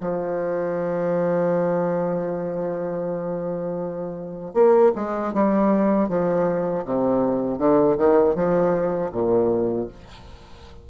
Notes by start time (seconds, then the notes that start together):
0.00 F3
4.54 A#3
4.95 G#3
5.33 G3
6.08 F3
6.85 C3
7.58 D3
7.97 D#3
8.34 F3
9.11 A#2